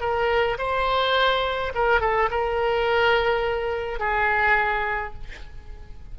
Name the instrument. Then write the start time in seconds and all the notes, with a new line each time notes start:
oboe
0.00 A#4
0.58 C5
1.75 A#4
2.01 A4
2.31 A#4
3.99 G#4